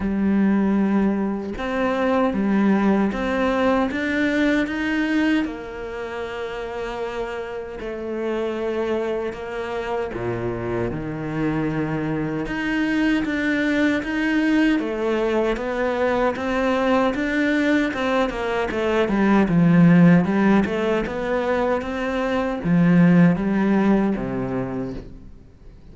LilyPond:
\new Staff \with { instrumentName = "cello" } { \time 4/4 \tempo 4 = 77 g2 c'4 g4 | c'4 d'4 dis'4 ais4~ | ais2 a2 | ais4 ais,4 dis2 |
dis'4 d'4 dis'4 a4 | b4 c'4 d'4 c'8 ais8 | a8 g8 f4 g8 a8 b4 | c'4 f4 g4 c4 | }